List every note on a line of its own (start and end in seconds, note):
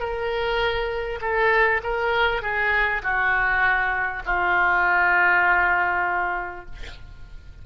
0.00 1.20 A#4
1.22 1.82 A4
1.84 2.42 A#4
2.42 3.02 G#4
3.03 4.23 F#4
4.26 6.66 F4